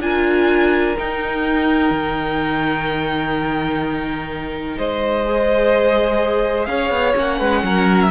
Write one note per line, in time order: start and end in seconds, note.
0.00 0.95 D4
0.00 0.97 F4
0.00 4.78 A#4
0.00 0.97 G#5
0.98 5.26 D#4
0.98 1.91 D#4
0.98 4.79 G5
1.91 4.77 D#3
4.78 6.67 G#3
4.78 6.68 C5
4.78 6.66 D#5
5.26 7.15 G#4
6.66 6.90 C#4
6.66 7.39 C#5
6.66 7.14 F5
6.90 7.14 B3
7.15 7.40 A#3
7.15 8.11 C#4
7.15 8.02 F#5
7.39 7.63 G#3
7.39 7.63 B4
7.63 8.11 F#3
7.63 8.12 A#4
8.02 8.12 E5